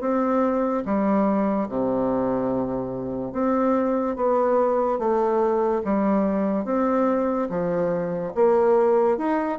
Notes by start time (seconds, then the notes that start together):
0.00 C4
0.85 G3
1.69 C3
3.32 C4
4.16 B3
4.98 A3
5.84 G3
6.64 C4
7.49 F3
8.34 A#3
9.17 D#4